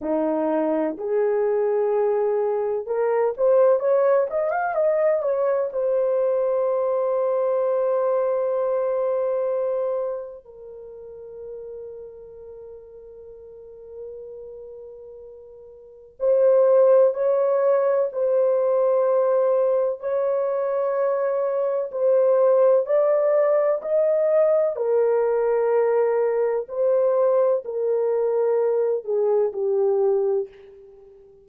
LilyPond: \new Staff \with { instrumentName = "horn" } { \time 4/4 \tempo 4 = 63 dis'4 gis'2 ais'8 c''8 | cis''8 dis''16 f''16 dis''8 cis''8 c''2~ | c''2. ais'4~ | ais'1~ |
ais'4 c''4 cis''4 c''4~ | c''4 cis''2 c''4 | d''4 dis''4 ais'2 | c''4 ais'4. gis'8 g'4 | }